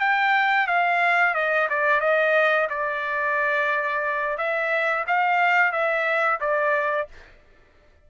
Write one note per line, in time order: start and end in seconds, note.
0.00 0.67 G5
0.67 1.35 F5
1.35 1.68 D#5
1.70 2.01 D5
2.01 2.68 D#5
2.70 4.38 D5
4.38 5.05 E5
5.07 5.72 F5
5.72 6.40 E5
6.41 7.08 D5